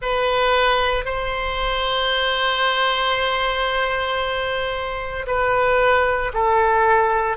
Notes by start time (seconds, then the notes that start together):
0.01 B4
1.05 C5
5.26 B4
6.33 A4